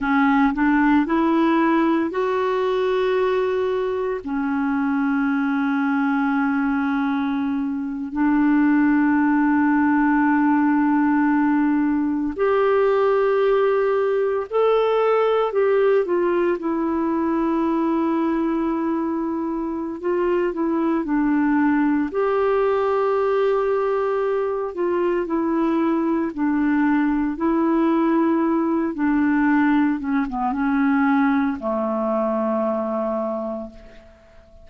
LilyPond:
\new Staff \with { instrumentName = "clarinet" } { \time 4/4 \tempo 4 = 57 cis'8 d'8 e'4 fis'2 | cis'2.~ cis'8. d'16~ | d'2.~ d'8. g'16~ | g'4.~ g'16 a'4 g'8 f'8 e'16~ |
e'2. f'8 e'8 | d'4 g'2~ g'8 f'8 | e'4 d'4 e'4. d'8~ | d'8 cis'16 b16 cis'4 a2 | }